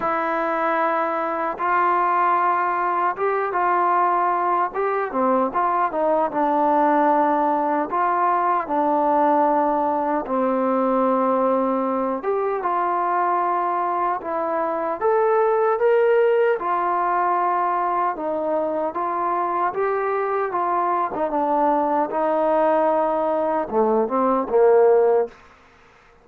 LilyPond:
\new Staff \with { instrumentName = "trombone" } { \time 4/4 \tempo 4 = 76 e'2 f'2 | g'8 f'4. g'8 c'8 f'8 dis'8 | d'2 f'4 d'4~ | d'4 c'2~ c'8 g'8 |
f'2 e'4 a'4 | ais'4 f'2 dis'4 | f'4 g'4 f'8. dis'16 d'4 | dis'2 a8 c'8 ais4 | }